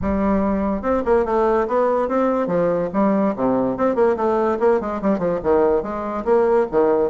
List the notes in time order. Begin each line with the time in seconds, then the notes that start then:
0.01 G3
0.81 C4
1.05 A#3
1.25 A3
1.67 B3
2.08 C4
2.47 F3
2.93 G3
3.35 C3
3.77 C4
3.95 A#3
4.16 A3
4.59 A#3
4.80 G#3
5.01 G3
5.18 F3
5.43 D#3
5.82 G#3
6.24 A#3
6.71 D#3